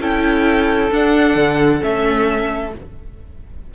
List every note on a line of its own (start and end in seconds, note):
0.00 0.91 C#4
0.00 0.91 E4
0.00 2.74 A4
0.00 0.93 G5
0.91 1.80 D4
0.91 1.35 D4
0.91 1.83 F#5
1.35 1.81 D3
1.80 2.75 A3
1.80 2.71 C#4
1.80 2.74 E5